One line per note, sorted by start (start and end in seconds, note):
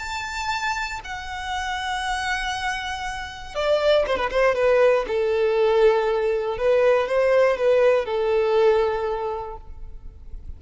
0.00 1.01 A5
1.05 3.55 F#5
3.55 4.06 D5
4.07 4.18 C5
4.18 4.30 B4
4.31 4.56 C5
4.56 5.06 B4
5.08 6.58 A4
6.58 7.08 B4
7.08 7.58 C5
7.58 8.06 B4
8.06 9.57 A4